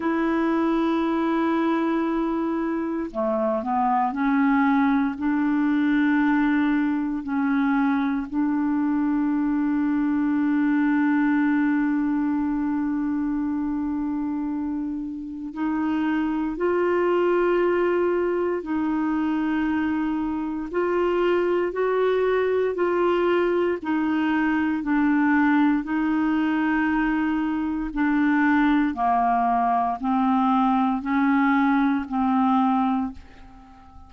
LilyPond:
\new Staff \with { instrumentName = "clarinet" } { \time 4/4 \tempo 4 = 58 e'2. a8 b8 | cis'4 d'2 cis'4 | d'1~ | d'2. dis'4 |
f'2 dis'2 | f'4 fis'4 f'4 dis'4 | d'4 dis'2 d'4 | ais4 c'4 cis'4 c'4 | }